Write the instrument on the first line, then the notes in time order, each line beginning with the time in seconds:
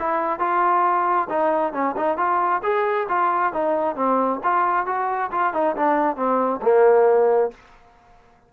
trombone
0.00 E4
0.40 F4
1.30 D#4
1.74 C#4
1.97 D#4
2.18 F4
2.64 G#4
3.09 F4
3.54 D#4
3.96 C4
4.44 F4
4.86 F#4
5.32 F4
5.54 D#4
5.77 D4
6.17 C4
6.62 A#3